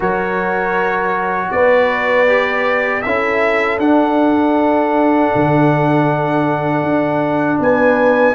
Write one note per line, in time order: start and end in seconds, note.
0.00 1.49 F#3
0.00 2.27 F#4
0.00 1.48 A#4
0.00 1.51 C#5
1.51 3.03 B3
1.51 3.05 B4
1.51 3.02 D5
2.27 3.03 G4
3.02 3.78 C#4
3.02 3.79 E4
3.02 7.61 A4
3.02 3.78 E5
3.78 5.30 D4
3.78 8.34 D4
3.78 7.59 F#5
5.35 6.82 D3
6.82 7.58 D4
7.59 8.34 B3
7.59 8.34 B4
7.59 8.34 G#5